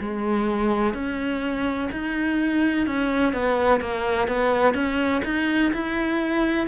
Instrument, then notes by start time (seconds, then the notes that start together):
cello
0.00 G#3
0.94 C#4
1.92 D#4
2.87 C#4
3.33 B3
3.81 A#3
4.28 B3
4.74 C#4
5.25 D#4
5.74 E4